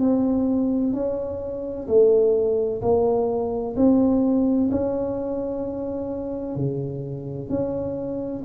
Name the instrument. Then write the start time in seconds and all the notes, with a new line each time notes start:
tuba
0.00 C4
0.93 C#4
1.87 A3
2.82 A#3
3.76 C4
4.71 C#4
6.56 C#3
7.49 C#4